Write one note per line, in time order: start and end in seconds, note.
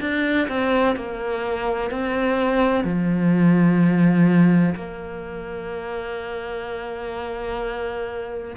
0.00 0.48 D4
0.48 0.96 C4
0.96 1.90 A#3
1.90 2.84 C4
2.84 4.74 F3
4.75 8.56 A#3